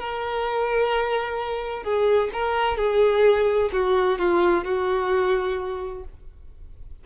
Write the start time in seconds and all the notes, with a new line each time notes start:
0.00 A#4
1.84 G#4
2.33 A#4
2.77 G#4
3.73 F#4
4.19 F4
4.65 F#4